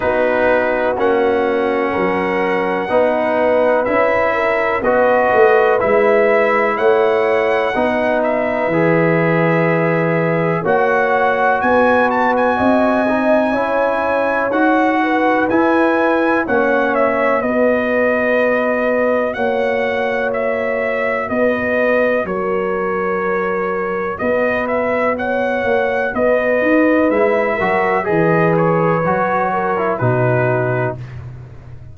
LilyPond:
<<
  \new Staff \with { instrumentName = "trumpet" } { \time 4/4 \tempo 4 = 62 b'4 fis''2. | e''4 dis''4 e''4 fis''4~ | fis''8 e''2~ e''8 fis''4 | gis''8 a''16 gis''2~ gis''16 fis''4 |
gis''4 fis''8 e''8 dis''2 | fis''4 e''4 dis''4 cis''4~ | cis''4 dis''8 e''8 fis''4 dis''4 | e''4 dis''8 cis''4. b'4 | }
  \new Staff \with { instrumentName = "horn" } { \time 4/4 fis'2 ais'4 b'4~ | b'8 ais'8 b'2 cis''4 | b'2. cis''4 | b'4 dis''4 cis''4. b'8~ |
b'4 cis''4 b'2 | cis''2 b'4 ais'4~ | ais'4 b'4 cis''4 b'4~ | b'8 ais'8 b'4. ais'8 fis'4 | }
  \new Staff \with { instrumentName = "trombone" } { \time 4/4 dis'4 cis'2 dis'4 | e'4 fis'4 e'2 | dis'4 gis'2 fis'4~ | fis'4. dis'8 e'4 fis'4 |
e'4 cis'4 fis'2~ | fis'1~ | fis'1 | e'8 fis'8 gis'4 fis'8. e'16 dis'4 | }
  \new Staff \with { instrumentName = "tuba" } { \time 4/4 b4 ais4 fis4 b4 | cis'4 b8 a8 gis4 a4 | b4 e2 ais4 | b4 c'4 cis'4 dis'4 |
e'4 ais4 b2 | ais2 b4 fis4~ | fis4 b4. ais8 b8 dis'8 | gis8 fis8 e4 fis4 b,4 | }
>>